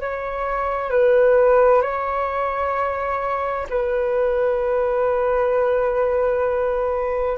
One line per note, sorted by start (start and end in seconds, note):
0.00 0.90 C#5
0.90 1.82 B4
1.82 3.66 C#5
3.69 7.38 B4